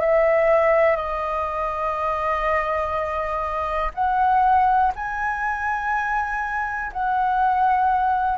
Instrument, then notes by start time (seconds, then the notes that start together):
flute
0.00 E5
0.96 D#5
3.94 F#5
4.95 G#5
6.93 F#5